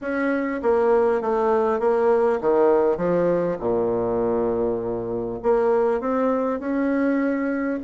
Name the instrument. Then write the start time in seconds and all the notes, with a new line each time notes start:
bassoon
0.01 C#4
0.62 A#3
1.21 A3
1.79 A#3
2.41 D#3
2.97 F3
3.59 A#2
5.42 A#3
6.00 C4
6.59 C#4